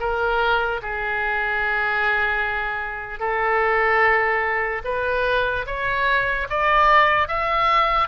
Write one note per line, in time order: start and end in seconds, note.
0.00 0.81 A#4
0.82 3.20 G#4
3.20 4.82 A4
4.85 5.66 B4
5.67 6.48 C#5
6.50 7.28 D5
7.28 8.08 E5